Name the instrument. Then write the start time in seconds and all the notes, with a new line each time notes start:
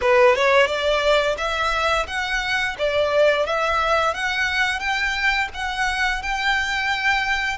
violin
0.01 B4
0.35 C#5
0.66 D5
1.37 E5
2.07 F#5
2.78 D5
3.45 E5
4.14 F#5
4.79 G5
5.54 F#5
6.22 G5